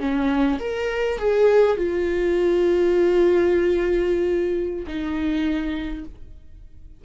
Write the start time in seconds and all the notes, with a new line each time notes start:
0.00 C#4
0.60 A#4
1.19 G#4
1.78 F4
4.87 D#4